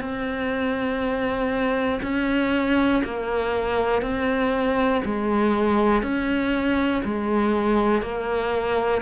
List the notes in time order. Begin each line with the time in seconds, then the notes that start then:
0.00 C4
2.02 C#4
3.04 A#3
4.02 C4
5.05 G#3
6.02 C#4
7.05 G#3
8.02 A#3